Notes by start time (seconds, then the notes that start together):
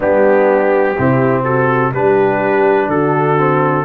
0.00 G3 B3 D4 G4
0.98 C3 C4 E4
1.44 F#4 A4
1.93 G3 D4 G4 B4
2.87 D3 F#4 A4
3.37 C4